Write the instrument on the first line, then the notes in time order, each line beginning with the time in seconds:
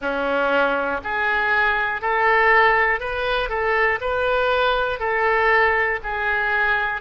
oboe
0.00 C#4
1.03 G#4
2.01 A4
3.00 B4
3.49 A4
4.00 B4
5.00 A4
6.03 G#4